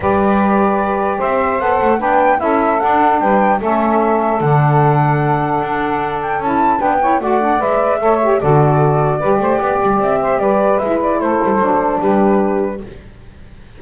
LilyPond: <<
  \new Staff \with { instrumentName = "flute" } { \time 4/4 \tempo 4 = 150 d''2. e''4 | fis''4 g''4 e''4 fis''4 | g''4 e''2 fis''4~ | fis''2.~ fis''8 g''8 |
a''4 g''4 fis''4 e''4~ | e''4 d''2.~ | d''4 e''4 d''4 e''8 d''8 | c''2 b'2 | }
  \new Staff \with { instrumentName = "saxophone" } { \time 4/4 b'2. c''4~ | c''4 b'4 a'2 | b'4 a'2.~ | a'1~ |
a'4 b'8 cis''8 d''2 | cis''4 a'2 b'8 c''8 | d''4. c''8 b'2 | a'2 g'2 | }
  \new Staff \with { instrumentName = "saxophone" } { \time 4/4 g'1 | a'4 d'4 e'4 d'4~ | d'4 cis'2 d'4~ | d'1 |
e'4 d'8 e'8 fis'8 d'8 b'4 | a'8 g'8 fis'2 g'4~ | g'2. e'4~ | e'4 d'2. | }
  \new Staff \with { instrumentName = "double bass" } { \time 4/4 g2. c'4 | b8 a8 b4 cis'4 d'4 | g4 a2 d4~ | d2 d'2 |
cis'4 b4 a4 gis4 | a4 d2 g8 a8 | b8 g8 c'4 g4 gis4 | a8 g8 fis4 g2 | }
>>